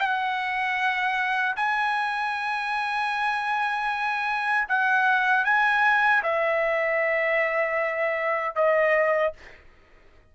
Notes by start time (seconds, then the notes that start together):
0.00 F#5
1.57 G#5
4.69 F#5
5.45 G#5
6.23 E5
8.56 D#5